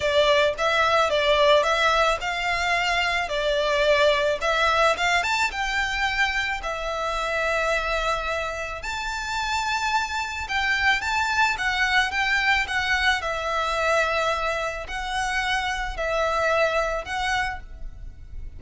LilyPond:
\new Staff \with { instrumentName = "violin" } { \time 4/4 \tempo 4 = 109 d''4 e''4 d''4 e''4 | f''2 d''2 | e''4 f''8 a''8 g''2 | e''1 |
a''2. g''4 | a''4 fis''4 g''4 fis''4 | e''2. fis''4~ | fis''4 e''2 fis''4 | }